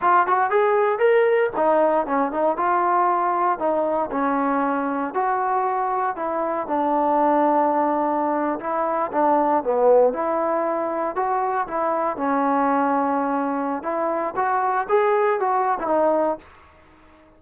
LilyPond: \new Staff \with { instrumentName = "trombone" } { \time 4/4 \tempo 4 = 117 f'8 fis'8 gis'4 ais'4 dis'4 | cis'8 dis'8 f'2 dis'4 | cis'2 fis'2 | e'4 d'2.~ |
d'8. e'4 d'4 b4 e'16~ | e'4.~ e'16 fis'4 e'4 cis'16~ | cis'2. e'4 | fis'4 gis'4 fis'8. e'16 dis'4 | }